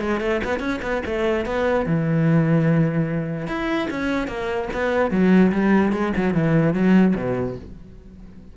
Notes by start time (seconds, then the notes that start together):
0.00 G#3
0.20 A3
0.44 B3
0.59 C#4
0.82 B3
1.05 A3
1.45 B3
1.86 E3
3.47 E4
3.90 C#4
4.27 A#3
4.73 B3
5.10 F#3
5.52 G3
5.92 G#3
6.16 F#3
6.34 E3
6.73 F#3
7.15 B2